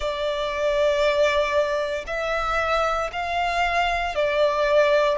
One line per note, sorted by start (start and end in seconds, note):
0.00 2.05 D5
2.06 3.10 E5
3.12 4.15 F5
4.15 5.17 D5